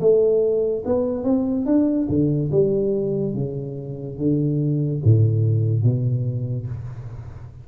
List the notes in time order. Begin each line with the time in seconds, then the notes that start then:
0.00 A3
0.85 B3
1.24 C4
1.66 D4
2.09 D3
2.52 G3
3.34 C#3
4.18 D3
5.05 A2
5.83 B2